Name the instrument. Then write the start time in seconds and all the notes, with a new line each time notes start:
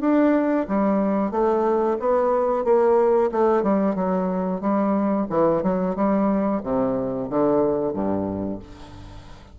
bassoon
0.00 D4
0.68 G3
1.31 A3
1.99 B3
2.64 A#3
3.31 A3
3.62 G3
3.95 F#3
4.61 G3
5.30 E3
5.63 F#3
5.96 G3
6.63 C3
7.29 D3
7.93 G2